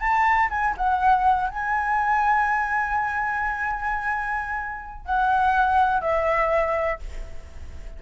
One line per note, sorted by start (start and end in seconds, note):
0.00 0.49 A5
0.50 0.75 G#5
0.77 1.50 F#5
1.50 5.06 G#5
5.06 6.02 F#5
6.02 7.00 E5